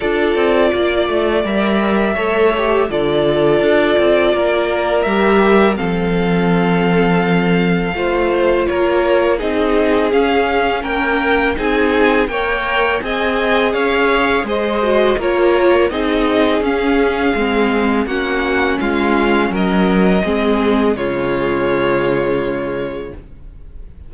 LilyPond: <<
  \new Staff \with { instrumentName = "violin" } { \time 4/4 \tempo 4 = 83 d''2 e''2 | d''2. e''4 | f''1 | cis''4 dis''4 f''4 g''4 |
gis''4 g''4 gis''4 f''4 | dis''4 cis''4 dis''4 f''4~ | f''4 fis''4 f''4 dis''4~ | dis''4 cis''2. | }
  \new Staff \with { instrumentName = "violin" } { \time 4/4 a'4 d''2 cis''4 | a'2 ais'2 | a'2. c''4 | ais'4 gis'2 ais'4 |
gis'4 cis''4 dis''4 cis''4 | c''4 ais'4 gis'2~ | gis'4 fis'4 f'4 ais'4 | gis'4 f'2. | }
  \new Staff \with { instrumentName = "viola" } { \time 4/4 f'2 ais'4 a'8 g'8 | f'2. g'4 | c'2. f'4~ | f'4 dis'4 cis'2 |
dis'4 ais'4 gis'2~ | gis'8 fis'8 f'4 dis'4 cis'4 | c'4 cis'2. | c'4 gis2. | }
  \new Staff \with { instrumentName = "cello" } { \time 4/4 d'8 c'8 ais8 a8 g4 a4 | d4 d'8 c'8 ais4 g4 | f2. a4 | ais4 c'4 cis'4 ais4 |
c'4 ais4 c'4 cis'4 | gis4 ais4 c'4 cis'4 | gis4 ais4 gis4 fis4 | gis4 cis2. | }
>>